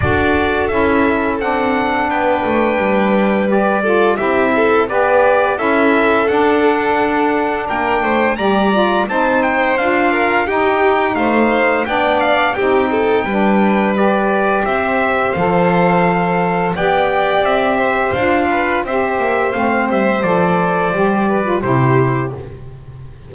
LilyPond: <<
  \new Staff \with { instrumentName = "trumpet" } { \time 4/4 \tempo 4 = 86 d''4 e''4 fis''4 g''4~ | g''4 d''4 e''4 d''4 | e''4 fis''2 g''4 | ais''4 a''8 g''8 f''4 g''4 |
f''4 g''8 f''8 g''2 | d''4 e''4 f''2 | g''4 e''4 f''4 e''4 | f''8 e''8 d''2 c''4 | }
  \new Staff \with { instrumentName = "violin" } { \time 4/4 a'2. b'4~ | b'4. a'8 g'8 a'8 b'4 | a'2. ais'8 c''8 | d''4 c''4. ais'8 g'4 |
c''4 d''4 g'8 a'8 b'4~ | b'4 c''2. | d''4. c''4 b'8 c''4~ | c''2~ c''8 b'8 g'4 | }
  \new Staff \with { instrumentName = "saxophone" } { \time 4/4 fis'4 e'4 d'2~ | d'4 g'8 f'8 e'4 g'4 | e'4 d'2. | g'8 f'8 dis'4 f'4 dis'4~ |
dis'4 d'4 dis'4 d'4 | g'2 a'2 | g'2 f'4 g'4 | c'4 a'4 g'8. f'16 e'4 | }
  \new Staff \with { instrumentName = "double bass" } { \time 4/4 d'4 cis'4 c'4 b8 a8 | g2 c'4 b4 | cis'4 d'2 ais8 a8 | g4 c'4 d'4 dis'4 |
a4 b4 c'4 g4~ | g4 c'4 f2 | b4 c'4 d'4 c'8 ais8 | a8 g8 f4 g4 c4 | }
>>